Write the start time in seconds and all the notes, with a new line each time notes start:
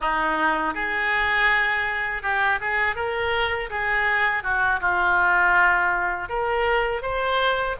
0.00 D#4
0.74 G#4
2.22 G4
2.61 G#4
2.95 A#4
3.69 G#4
4.43 F#4
4.80 F4
6.29 A#4
7.02 C5